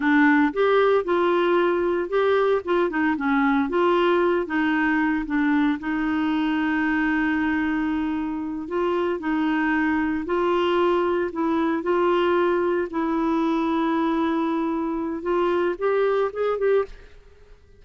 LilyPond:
\new Staff \with { instrumentName = "clarinet" } { \time 4/4 \tempo 4 = 114 d'4 g'4 f'2 | g'4 f'8 dis'8 cis'4 f'4~ | f'8 dis'4. d'4 dis'4~ | dis'1~ |
dis'8 f'4 dis'2 f'8~ | f'4. e'4 f'4.~ | f'8 e'2.~ e'8~ | e'4 f'4 g'4 gis'8 g'8 | }